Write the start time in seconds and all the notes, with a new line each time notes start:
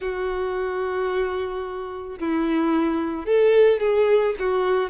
0.00 F#4
2.19 E4
3.25 A4
3.80 G#4
4.39 F#4